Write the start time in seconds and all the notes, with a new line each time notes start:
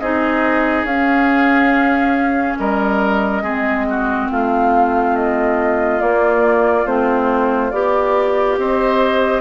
0.00 C4 D#4 G#4 D#5
0.84 C#4 F5
2.59 G3 A#4 D#5
3.43 G#3 C4 G#4
3.90 F#4
4.31 A3 F4 F5
5.17 D#5
6.00 A#3 D5
6.86 A3 C4 C5
7.71 B3 G4 D5
8.58 C4 C5 D#5